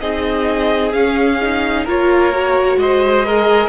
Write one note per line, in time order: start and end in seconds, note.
0.00 0.94 C4
0.00 0.93 D#4
0.00 1.84 G#4
0.00 0.92 D#5
0.92 1.39 C#4
0.92 1.86 C#4
0.92 1.84 F5
1.41 1.87 D#4
1.84 2.76 A#3
1.84 2.33 F4
1.84 2.77 A#4
1.84 2.79 C#5
2.33 3.25 F#4
2.76 3.68 G#3
2.76 3.26 C5
2.76 3.68 D#5
3.26 3.68 G#4
3.26 3.68 A#4